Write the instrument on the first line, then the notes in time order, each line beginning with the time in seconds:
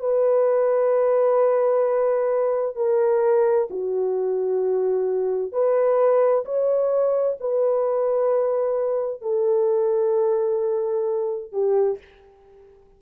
horn
0.00 B4
2.76 A#4
3.70 F#4
5.53 B4
6.45 C#5
7.41 B4
9.22 A4
11.53 G4